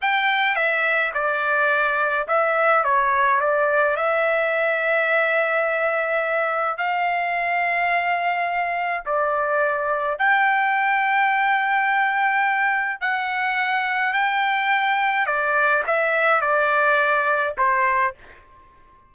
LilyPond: \new Staff \with { instrumentName = "trumpet" } { \time 4/4 \tempo 4 = 106 g''4 e''4 d''2 | e''4 cis''4 d''4 e''4~ | e''1 | f''1 |
d''2 g''2~ | g''2. fis''4~ | fis''4 g''2 d''4 | e''4 d''2 c''4 | }